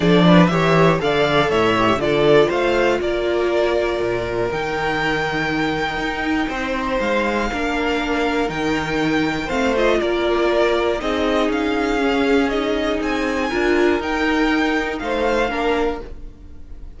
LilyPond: <<
  \new Staff \with { instrumentName = "violin" } { \time 4/4 \tempo 4 = 120 d''4 e''4 f''4 e''4 | d''4 f''4 d''2~ | d''4 g''2.~ | g''2 f''2~ |
f''4 g''2 f''8 dis''8 | d''2 dis''4 f''4~ | f''4 dis''4 gis''2 | g''2 f''2 | }
  \new Staff \with { instrumentName = "violin" } { \time 4/4 a'8 b'8 cis''4 d''4 cis''4 | a'4 c''4 ais'2~ | ais'1~ | ais'4 c''2 ais'4~ |
ais'2. c''4 | ais'2 gis'2~ | gis'2. ais'4~ | ais'2 c''4 ais'4 | }
  \new Staff \with { instrumentName = "viola" } { \time 4/4 d'4 g'4 a'4. g'8 | f'1~ | f'4 dis'2.~ | dis'2. d'4~ |
d'4 dis'2 c'8 f'8~ | f'2 dis'2 | cis'4 dis'2 f'4 | dis'2. d'4 | }
  \new Staff \with { instrumentName = "cello" } { \time 4/4 f4 e4 d4 a,4 | d4 a4 ais2 | ais,4 dis2. | dis'4 c'4 gis4 ais4~ |
ais4 dis2 a4 | ais2 c'4 cis'4~ | cis'2 c'4 d'4 | dis'2 a4 ais4 | }
>>